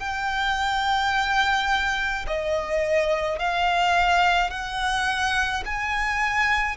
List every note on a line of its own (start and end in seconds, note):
0.00 2.26 G5
2.27 3.40 D#5
3.40 4.50 F5
4.50 5.63 F#5
5.66 6.77 G#5